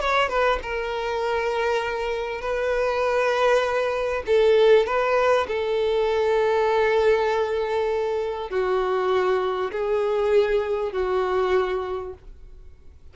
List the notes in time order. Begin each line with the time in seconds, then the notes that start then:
0.00 C#5
0.29 B4
0.62 A#4
2.41 B4
4.26 A4
4.86 B4
5.47 A4
8.50 F#4
9.71 G#4
10.92 F#4